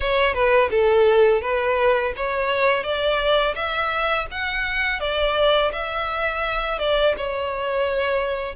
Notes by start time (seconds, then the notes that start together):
0.00 C#5
0.33 B4
0.70 A4
1.41 B4
2.16 C#5
2.83 D5
3.55 E5
4.31 F#5
5.00 D5
5.72 E5
6.79 D5
7.17 C#5